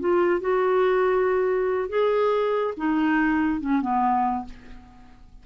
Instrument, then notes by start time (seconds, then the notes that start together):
clarinet
0.00 F4
0.41 F#4
1.89 G#4
2.77 D#4
3.61 C#4
3.82 B3